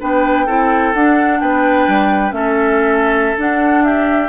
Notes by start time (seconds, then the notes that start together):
0.00 B3 D4 B4 G5
0.46 C4 E4 A4
0.94 D4 F#5
1.40 B3 B4 G5
1.87 G3
2.31 A3 C#4 A4 E5
3.37 D4 F#5
3.84 G4 E5